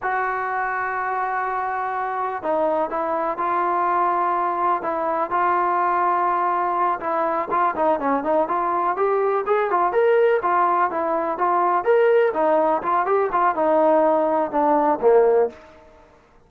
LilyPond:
\new Staff \with { instrumentName = "trombone" } { \time 4/4 \tempo 4 = 124 fis'1~ | fis'4 dis'4 e'4 f'4~ | f'2 e'4 f'4~ | f'2~ f'8 e'4 f'8 |
dis'8 cis'8 dis'8 f'4 g'4 gis'8 | f'8 ais'4 f'4 e'4 f'8~ | f'8 ais'4 dis'4 f'8 g'8 f'8 | dis'2 d'4 ais4 | }